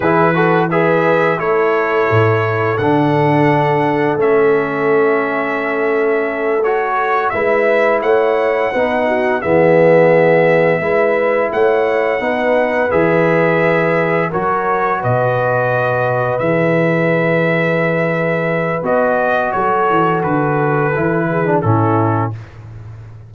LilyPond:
<<
  \new Staff \with { instrumentName = "trumpet" } { \time 4/4 \tempo 4 = 86 b'4 e''4 cis''2 | fis''2 e''2~ | e''4. cis''4 e''4 fis''8~ | fis''4. e''2~ e''8~ |
e''8 fis''2 e''4.~ | e''8 cis''4 dis''2 e''8~ | e''2. dis''4 | cis''4 b'2 a'4 | }
  \new Staff \with { instrumentName = "horn" } { \time 4/4 gis'8 a'8 b'4 a'2~ | a'1~ | a'2~ a'8 b'4 cis''8~ | cis''8 b'8 fis'8 gis'2 b'8~ |
b'8 cis''4 b'2~ b'8~ | b'8 ais'4 b'2~ b'8~ | b'1 | a'2~ a'8 gis'8 e'4 | }
  \new Staff \with { instrumentName = "trombone" } { \time 4/4 e'8 fis'8 gis'4 e'2 | d'2 cis'2~ | cis'4. fis'4 e'4.~ | e'8 dis'4 b2 e'8~ |
e'4. dis'4 gis'4.~ | gis'8 fis'2. gis'8~ | gis'2. fis'4~ | fis'2 e'8. d'16 cis'4 | }
  \new Staff \with { instrumentName = "tuba" } { \time 4/4 e2 a4 a,4 | d2 a2~ | a2~ a8 gis4 a8~ | a8 b4 e2 gis8~ |
gis8 a4 b4 e4.~ | e8 fis4 b,2 e8~ | e2. b4 | fis8 e8 d4 e4 a,4 | }
>>